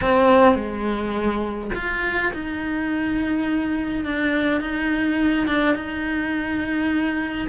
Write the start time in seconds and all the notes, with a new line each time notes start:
0.01 C4
0.55 G#3
1.74 F4
2.33 D#4
4.04 D4
4.60 D#4
5.47 D4
5.75 D#4